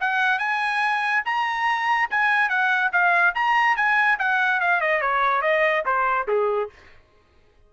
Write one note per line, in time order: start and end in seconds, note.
0.00 0.38 F#5
0.38 1.22 G#5
1.25 2.09 A#5
2.10 2.49 G#5
2.49 2.91 F#5
2.92 3.34 F5
3.35 3.76 A#5
3.76 4.18 G#5
4.18 4.60 F#5
4.60 4.80 F5
4.80 5.01 D#5
5.01 5.41 C#5
5.41 5.83 D#5
5.85 6.27 C5
6.27 6.69 G#4